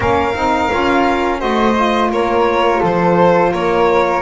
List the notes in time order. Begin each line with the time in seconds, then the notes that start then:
0.00 A#3 C#4 A#4 F5
0.34 C4 D#4
0.70 C#4 F4
1.37 A3 F#4 C5 D#5
1.74 F4
2.10 A#3 A#4 C#5
2.80 F3 A4 C5
3.52 A#3 A#4 C#5